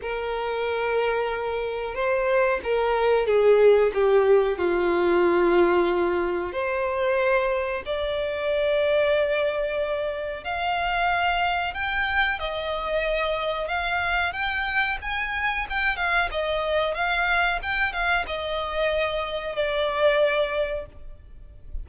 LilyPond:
\new Staff \with { instrumentName = "violin" } { \time 4/4 \tempo 4 = 92 ais'2. c''4 | ais'4 gis'4 g'4 f'4~ | f'2 c''2 | d''1 |
f''2 g''4 dis''4~ | dis''4 f''4 g''4 gis''4 | g''8 f''8 dis''4 f''4 g''8 f''8 | dis''2 d''2 | }